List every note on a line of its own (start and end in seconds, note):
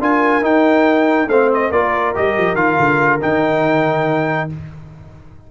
0.00 0.42 D4
0.00 0.42 F4
0.00 1.29 A#4
0.00 0.44 G#5
0.42 1.27 D#4
0.42 1.28 D#4
0.42 1.29 G5
1.27 1.70 A3
1.27 1.73 C4
1.27 1.69 C5
1.27 1.50 F5
1.54 1.71 D#5
1.69 2.14 A#3
1.69 2.15 F4
1.69 4.48 A#4
1.69 2.14 D5
2.15 2.37 G3
2.15 2.56 G4
2.15 2.55 D#5
2.37 2.54 F3
2.54 2.75 D#3
2.54 3.20 F4
2.54 3.20 F5
2.79 3.22 D3
3.21 4.51 D#3
3.21 4.50 D#4
3.21 4.50 G5